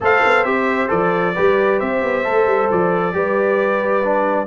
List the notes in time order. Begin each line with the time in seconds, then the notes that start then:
0.00 A3 A4 C5 F5
0.25 B3
0.44 C4 G4 E5
0.88 F3 A4 D5
1.35 G3 G4 B4
1.79 C4 C5 E5
2.02 B3
2.24 A3 A4
2.46 G3
2.71 F3 D5
3.12 G3 G4 B4
4.03 D4